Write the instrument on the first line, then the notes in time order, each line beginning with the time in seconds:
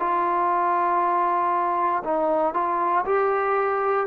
trombone
0.00 F4
2.04 D#4
2.54 F4
3.06 G4